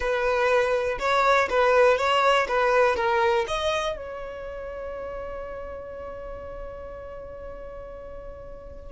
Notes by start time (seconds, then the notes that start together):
0.00 B4
0.99 C#5
1.49 B4
1.97 C#5
2.48 B4
2.96 A#4
3.47 D#5
3.96 C#5